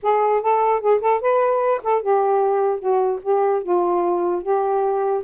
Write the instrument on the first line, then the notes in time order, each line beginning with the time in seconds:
saxophone
0.02 G#4
0.41 A4
0.80 G#4
1.00 A4
1.20 B4
1.83 A4
2.02 G4
2.79 F#4
3.22 G4
3.62 F4
4.42 G4